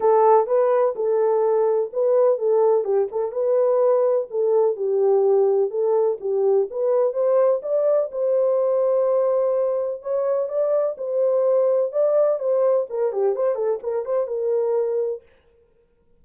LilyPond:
\new Staff \with { instrumentName = "horn" } { \time 4/4 \tempo 4 = 126 a'4 b'4 a'2 | b'4 a'4 g'8 a'8 b'4~ | b'4 a'4 g'2 | a'4 g'4 b'4 c''4 |
d''4 c''2.~ | c''4 cis''4 d''4 c''4~ | c''4 d''4 c''4 ais'8 g'8 | c''8 a'8 ais'8 c''8 ais'2 | }